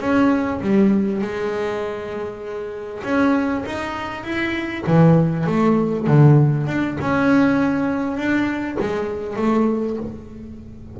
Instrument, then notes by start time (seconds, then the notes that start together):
double bass
0.00 C#4
0.61 G3
1.21 G#3
3.03 C#4
3.66 D#4
4.23 E4
4.87 E3
5.46 A3
6.07 D3
6.67 D4
7.00 C#4
8.17 D4
8.79 G#3
9.36 A3